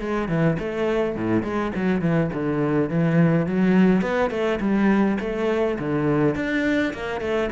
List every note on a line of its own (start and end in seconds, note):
0.00 0.28 G#3
0.28 0.57 E3
0.59 1.15 A3
1.15 1.42 A2
1.42 1.71 G#3
1.75 2.01 F#3
2.01 2.30 E3
2.33 2.89 D3
2.89 3.46 E3
3.46 4.01 F#3
4.01 4.30 B3
4.30 4.59 A3
4.60 5.18 G3
5.20 5.77 A3
5.78 6.35 D3
6.35 6.93 D4
6.93 7.21 A#3
7.21 7.49 A3